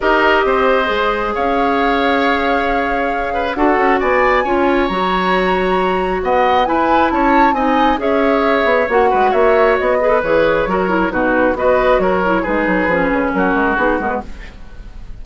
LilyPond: <<
  \new Staff \with { instrumentName = "flute" } { \time 4/4 \tempo 4 = 135 dis''2. f''4~ | f''1 | fis''4 gis''2 ais''4~ | ais''2 fis''4 gis''4 |
a''4 gis''4 e''2 | fis''4 e''4 dis''4 cis''4~ | cis''4 b'4 dis''4 cis''4 | b'2 ais'4 gis'8 ais'16 b'16 | }
  \new Staff \with { instrumentName = "oboe" } { \time 4/4 ais'4 c''2 cis''4~ | cis''2.~ cis''8 b'8 | a'4 d''4 cis''2~ | cis''2 dis''4 b'4 |
cis''4 dis''4 cis''2~ | cis''8 b'8 cis''4. b'4. | ais'4 fis'4 b'4 ais'4 | gis'2 fis'2 | }
  \new Staff \with { instrumentName = "clarinet" } { \time 4/4 g'2 gis'2~ | gis'1 | fis'2 f'4 fis'4~ | fis'2. e'4~ |
e'4 dis'4 gis'2 | fis'2~ fis'8 gis'16 a'16 gis'4 | fis'8 e'8 dis'4 fis'4. e'8 | dis'4 cis'2 dis'8 b8 | }
  \new Staff \with { instrumentName = "bassoon" } { \time 4/4 dis'4 c'4 gis4 cis'4~ | cis'1 | d'8 cis'8 b4 cis'4 fis4~ | fis2 b4 e'4 |
cis'4 c'4 cis'4. b8 | ais8 gis8 ais4 b4 e4 | fis4 b,4 b4 fis4 | gis8 fis8 f8 cis8 fis8 gis8 b8 gis8 | }
>>